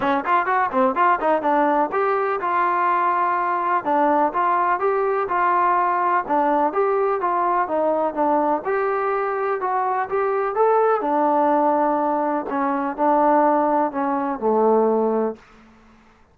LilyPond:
\new Staff \with { instrumentName = "trombone" } { \time 4/4 \tempo 4 = 125 cis'8 f'8 fis'8 c'8 f'8 dis'8 d'4 | g'4 f'2. | d'4 f'4 g'4 f'4~ | f'4 d'4 g'4 f'4 |
dis'4 d'4 g'2 | fis'4 g'4 a'4 d'4~ | d'2 cis'4 d'4~ | d'4 cis'4 a2 | }